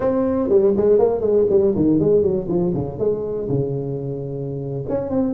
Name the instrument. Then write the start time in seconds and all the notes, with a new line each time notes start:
tuba
0.00 C4
0.49 G3
0.76 G#3
0.98 A#3
1.20 G#3
1.49 G3
1.75 D#3
1.99 G#3
2.22 F#3
2.48 F3
2.74 C#3
2.98 G#3
3.48 C#3
4.88 C#4
5.10 C4